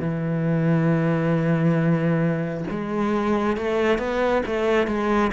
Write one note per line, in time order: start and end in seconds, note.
0.00 2.65 E3
2.71 3.57 G#3
3.57 3.98 A3
3.98 4.42 B3
4.46 4.87 A3
4.87 5.31 G#3